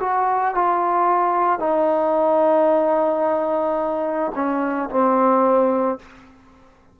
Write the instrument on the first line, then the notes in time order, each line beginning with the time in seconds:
trombone
0.00 F#4
0.55 F4
1.59 D#4
4.35 C#4
4.90 C4